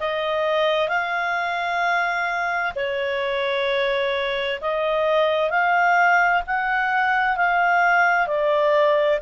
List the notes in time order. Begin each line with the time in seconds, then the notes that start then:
0.00 D#5
0.89 F5
2.76 C#5
4.62 D#5
5.50 F5
6.47 F#5
7.37 F5
8.27 D5